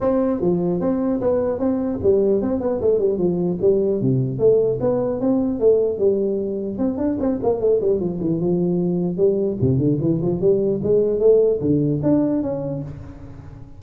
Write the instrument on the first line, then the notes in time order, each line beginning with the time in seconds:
tuba
0.01 C4
0.41 F3
0.80 C4
1.21 B3
1.59 C4
2.03 G3
2.41 C4
2.60 B3
2.81 A3
2.99 G3
3.17 F3
3.61 G3
4.01 C3
4.39 A3
4.80 B3
5.20 C4
5.59 A3
5.98 G3
6.78 C4
6.97 D4
7.19 C4
7.43 A#3
7.60 A3
7.80 G3
7.99 F3
8.20 E3
8.40 F3
9.17 G3
9.61 C3
9.78 D3
10.01 E3
10.21 F3
10.41 G3
10.83 G#3
11.19 A3
11.60 D3
12.03 D4
12.42 C#4